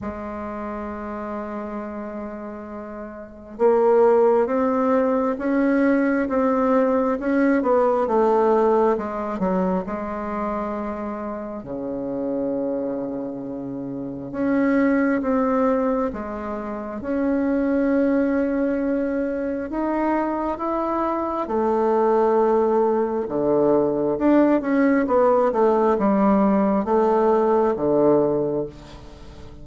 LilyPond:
\new Staff \with { instrumentName = "bassoon" } { \time 4/4 \tempo 4 = 67 gis1 | ais4 c'4 cis'4 c'4 | cis'8 b8 a4 gis8 fis8 gis4~ | gis4 cis2. |
cis'4 c'4 gis4 cis'4~ | cis'2 dis'4 e'4 | a2 d4 d'8 cis'8 | b8 a8 g4 a4 d4 | }